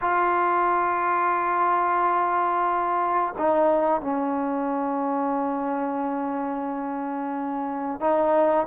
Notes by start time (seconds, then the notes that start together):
0.01 F4
3.38 D#4
4.01 C#4
8.00 D#4